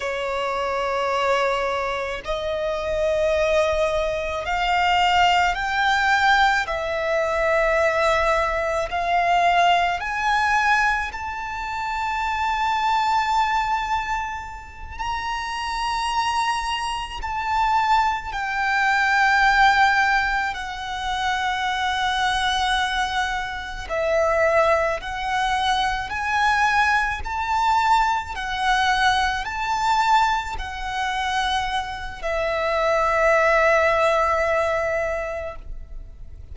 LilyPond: \new Staff \with { instrumentName = "violin" } { \time 4/4 \tempo 4 = 54 cis''2 dis''2 | f''4 g''4 e''2 | f''4 gis''4 a''2~ | a''4. ais''2 a''8~ |
a''8 g''2 fis''4.~ | fis''4. e''4 fis''4 gis''8~ | gis''8 a''4 fis''4 a''4 fis''8~ | fis''4 e''2. | }